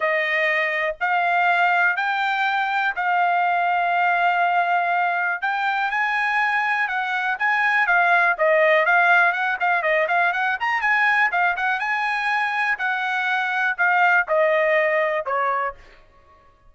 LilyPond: \new Staff \with { instrumentName = "trumpet" } { \time 4/4 \tempo 4 = 122 dis''2 f''2 | g''2 f''2~ | f''2. g''4 | gis''2 fis''4 gis''4 |
f''4 dis''4 f''4 fis''8 f''8 | dis''8 f''8 fis''8 ais''8 gis''4 f''8 fis''8 | gis''2 fis''2 | f''4 dis''2 cis''4 | }